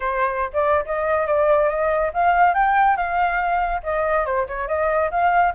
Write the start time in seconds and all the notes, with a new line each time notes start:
0.00 C5
0.53 D5
0.85 D#5
1.26 D5
1.69 D#5
2.13 F5
2.54 G5
2.96 F5
3.83 D#5
4.25 C5
4.47 C#5
4.68 D#5
5.11 F5